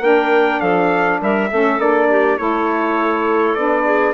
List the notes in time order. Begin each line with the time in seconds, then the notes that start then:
0.00 A#3 D4 A#4 G5
0.60 F3 A4 F5
1.21 G3 A#4 E5
1.51 A3 C#4 A4
1.79 A#3 D4 D5
2.10 G4
2.38 A3 E4 A4 C#5
3.55 B3 D4 D5
3.85 G#4